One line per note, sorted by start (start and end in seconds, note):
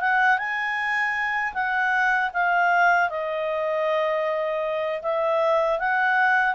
0.00 0.38 F#5
0.38 1.53 G#5
1.53 2.30 F#5
2.33 3.09 F5
3.09 5.02 D#5
5.02 5.79 E5
5.79 6.55 F#5